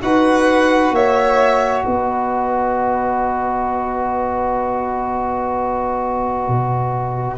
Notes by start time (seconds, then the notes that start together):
0.00 D#4 F#4 B4 F#5
0.91 A#3 C#5 E5
1.85 B3 B4 D#5
6.48 B2